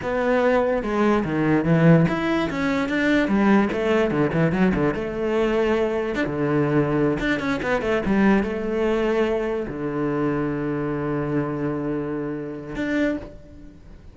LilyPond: \new Staff \with { instrumentName = "cello" } { \time 4/4 \tempo 4 = 146 b2 gis4 dis4 | e4 e'4 cis'4 d'4 | g4 a4 d8 e8 fis8 d8 | a2. d'16 d8.~ |
d4. d'8 cis'8 b8 a8 g8~ | g8 a2. d8~ | d1~ | d2. d'4 | }